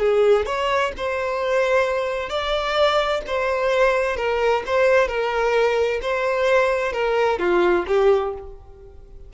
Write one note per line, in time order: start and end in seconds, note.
0.00 0.46 G#4
0.47 0.93 C#5
0.97 2.30 C5
2.30 3.22 D5
3.27 4.17 C5
4.17 4.63 A#4
4.67 5.09 C5
5.09 6.01 A#4
6.02 6.93 C5
6.93 7.40 A#4
7.40 7.86 F4
7.88 8.34 G4